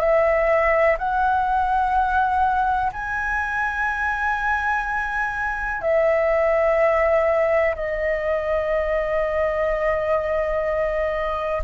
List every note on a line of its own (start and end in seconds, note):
0.00 0.97 E5
0.98 2.92 F#5
2.93 5.82 G#5
5.82 7.75 E5
7.76 11.63 D#5